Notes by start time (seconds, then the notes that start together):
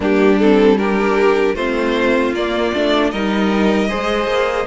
0.00 G3 A#3 D4 G4
0.39 C4 A4
0.78 D4 G4 A#4
1.55 A3 C4 F4 C5
2.33 A#3 D5
2.74 A3 D4
3.10 G3 D#4 A#4 D#5
3.88 G#3 G#4 C5
4.27 A#3